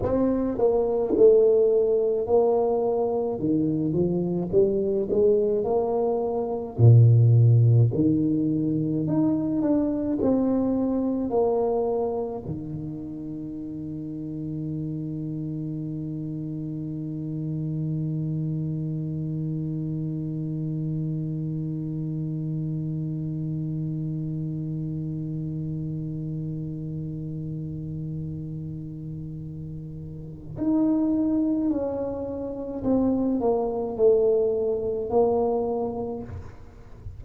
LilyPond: \new Staff \with { instrumentName = "tuba" } { \time 4/4 \tempo 4 = 53 c'8 ais8 a4 ais4 dis8 f8 | g8 gis8 ais4 ais,4 dis4 | dis'8 d'8 c'4 ais4 dis4~ | dis1~ |
dis1~ | dis1~ | dis2. dis'4 | cis'4 c'8 ais8 a4 ais4 | }